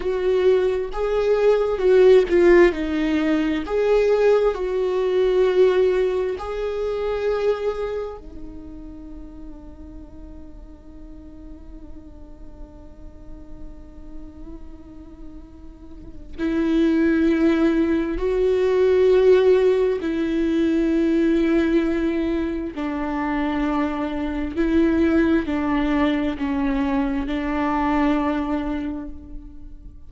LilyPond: \new Staff \with { instrumentName = "viola" } { \time 4/4 \tempo 4 = 66 fis'4 gis'4 fis'8 f'8 dis'4 | gis'4 fis'2 gis'4~ | gis'4 dis'2.~ | dis'1~ |
dis'2 e'2 | fis'2 e'2~ | e'4 d'2 e'4 | d'4 cis'4 d'2 | }